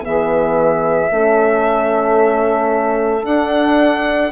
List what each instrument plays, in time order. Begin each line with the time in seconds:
0.00 bassoon E3, horn B3, saxophone G#4, violin E5
1.10 bassoon A3, horn C#4, saxophone A4
3.23 horn D4, bassoon D4, violin F#5